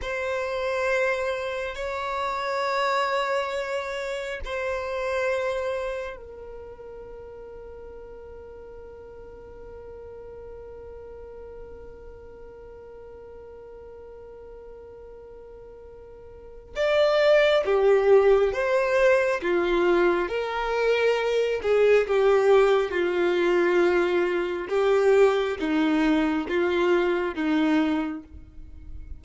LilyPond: \new Staff \with { instrumentName = "violin" } { \time 4/4 \tempo 4 = 68 c''2 cis''2~ | cis''4 c''2 ais'4~ | ais'1~ | ais'1~ |
ais'2. d''4 | g'4 c''4 f'4 ais'4~ | ais'8 gis'8 g'4 f'2 | g'4 dis'4 f'4 dis'4 | }